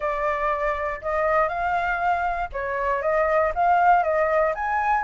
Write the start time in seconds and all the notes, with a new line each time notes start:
0.00 D5
1.01 D#5
1.48 F5
2.52 C#5
3.02 D#5
3.54 F5
4.03 D#5
4.54 G#5